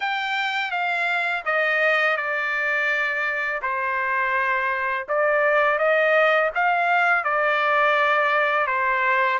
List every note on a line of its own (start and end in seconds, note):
0.00 0.71 G5
0.71 1.43 F5
1.45 2.16 D#5
2.16 3.61 D5
3.62 5.06 C5
5.08 5.78 D5
5.78 6.50 D#5
6.54 7.24 F5
7.24 8.66 D5
8.66 9.39 C5